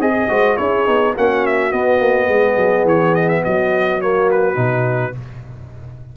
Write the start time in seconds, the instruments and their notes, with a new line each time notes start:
0.00 tuba C4, horn G#4, trombone G#4, trumpet D#5
0.29 tuba G#3, trombone F#4, horn C5
0.57 tuba C#4, trombone E4, horn G#4, trumpet C#5
0.86 tuba B3, trombone D#4
1.16 tuba A#3, trombone C#4, horn F#4, trumpet F#5
1.47 trumpet E5
1.72 trombone B3, tuba B3, trumpet D#5
2.00 tuba A#3
2.28 tuba G#3, horn G#4
2.57 tuba F#3
2.85 tuba E3, trumpet C#5
3.15 trumpet D#5
3.29 trumpet E5
3.44 tuba F#3, horn F#4, trumpet D#5
4.01 trombone A#3, trumpet C#5
4.31 trumpet B4
4.55 tuba B2, trombone D#4